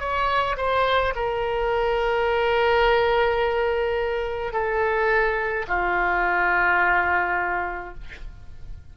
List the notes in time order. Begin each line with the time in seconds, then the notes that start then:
0.00 C#5
0.58 C5
1.16 A#4
4.53 A4
5.68 F4